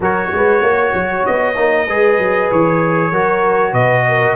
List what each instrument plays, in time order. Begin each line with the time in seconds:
0.00 tuba F#3, trombone F#4, horn A#4, trumpet C#5
0.32 tuba G#3, horn B4
0.61 tuba A#3, horn C#5
0.94 tuba F#3
1.25 tuba B3, trumpet D#5
1.55 tuba A#3, trombone D#4
1.87 tuba G#3, trombone G#4, horn B4
2.18 tuba F#3
2.51 tuba E3, trumpet C#5
3.11 tuba F#3, trombone F#4, horn A#4
3.72 tuba B2, horn B4, trumpet D#5
4.08 horn A#4